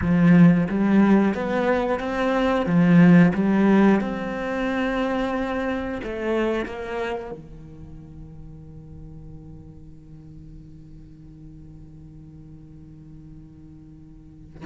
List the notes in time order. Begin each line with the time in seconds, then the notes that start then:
0.01 F3
0.69 G3
1.34 B3
1.99 C4
2.65 F3
3.34 G3
4.01 C4
6.03 A3
6.65 A#3
7.31 D#3